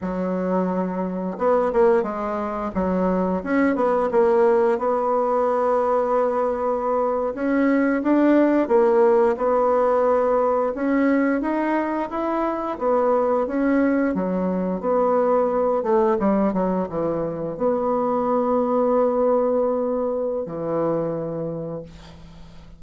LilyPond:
\new Staff \with { instrumentName = "bassoon" } { \time 4/4 \tempo 4 = 88 fis2 b8 ais8 gis4 | fis4 cis'8 b8 ais4 b4~ | b2~ b8. cis'4 d'16~ | d'8. ais4 b2 cis'16~ |
cis'8. dis'4 e'4 b4 cis'16~ | cis'8. fis4 b4. a8 g16~ | g16 fis8 e4 b2~ b16~ | b2 e2 | }